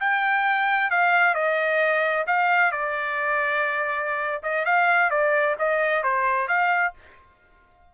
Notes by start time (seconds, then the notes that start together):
0.00 G5
0.90 F5
1.35 D#5
2.27 F5
2.72 D5
4.43 D#5
4.65 F5
5.11 D5
5.59 D#5
6.04 C5
6.48 F5